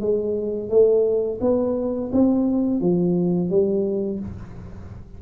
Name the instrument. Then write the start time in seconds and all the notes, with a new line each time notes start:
tuba
0.00 G#3
0.69 A3
1.41 B3
2.12 C4
2.80 F3
3.50 G3